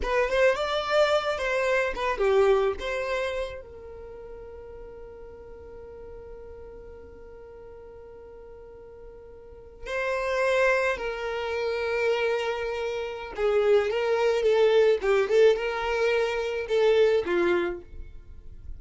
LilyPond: \new Staff \with { instrumentName = "violin" } { \time 4/4 \tempo 4 = 108 b'8 c''8 d''4. c''4 b'8 | g'4 c''4. ais'4.~ | ais'1~ | ais'1~ |
ais'4.~ ais'16 c''2 ais'16~ | ais'1 | gis'4 ais'4 a'4 g'8 a'8 | ais'2 a'4 f'4 | }